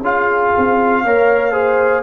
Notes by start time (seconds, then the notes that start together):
0.00 C#4 F4 G#4 F5
0.57 C4
1.04 A#3 A#4 C#5
1.52 G#4 C5